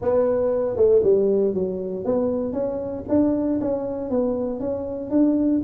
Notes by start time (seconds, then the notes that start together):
0.01 B3
0.76 A3
1.03 G3
1.53 F#3
2.04 B3
2.52 C#4
3.08 D4
3.60 C#4
4.10 B3
4.59 C#4
5.10 D4